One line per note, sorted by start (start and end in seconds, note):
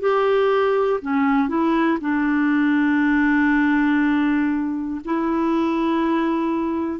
0.00 1.00 G4
1.01 1.48 C#4
1.48 1.98 E4
2.00 5.00 D4
5.05 7.00 E4